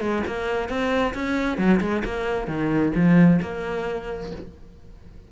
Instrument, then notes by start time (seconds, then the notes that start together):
cello
0.00 G#3
0.27 A#3
0.69 C4
1.14 C#4
1.58 F#3
1.81 G#3
2.04 A#3
2.47 D#3
2.96 F3
3.42 A#3